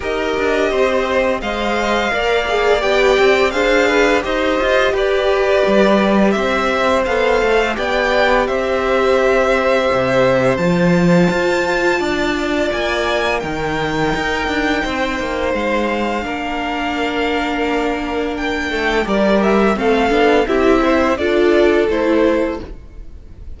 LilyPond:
<<
  \new Staff \with { instrumentName = "violin" } { \time 4/4 \tempo 4 = 85 dis''2 f''2 | g''4 f''4 dis''4 d''4~ | d''4 e''4 f''4 g''4 | e''2. a''4~ |
a''2 gis''4 g''4~ | g''2 f''2~ | f''2 g''4 d''8 e''8 | f''4 e''4 d''4 c''4 | }
  \new Staff \with { instrumentName = "violin" } { \time 4/4 ais'4 c''4 dis''4 d''4~ | d''4 c''8 b'8 c''4 b'4~ | b'4 c''2 d''4 | c''1~ |
c''4 d''2 ais'4~ | ais'4 c''2 ais'4~ | ais'2~ ais'8 a'8 ais'4 | a'4 g'8 c''8 a'2 | }
  \new Staff \with { instrumentName = "viola" } { \time 4/4 g'2 c''4 ais'8 gis'8 | g'4 gis'4 g'2~ | g'2 a'4 g'4~ | g'2. f'4~ |
f'2. dis'4~ | dis'2. d'4~ | d'2. g'4 | c'8 d'8 e'4 f'4 e'4 | }
  \new Staff \with { instrumentName = "cello" } { \time 4/4 dis'8 d'8 c'4 gis4 ais4 | b8 c'8 d'4 dis'8 f'8 g'4 | g4 c'4 b8 a8 b4 | c'2 c4 f4 |
f'4 d'4 ais4 dis4 | dis'8 d'8 c'8 ais8 gis4 ais4~ | ais2~ ais8 a8 g4 | a8 b8 c'4 d'4 a4 | }
>>